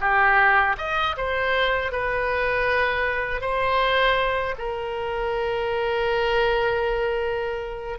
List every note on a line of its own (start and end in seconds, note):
0.00 0.76 G4
0.78 1.16 D#5
1.17 1.92 C5
1.92 3.41 B4
3.41 4.55 C5
4.58 7.99 A#4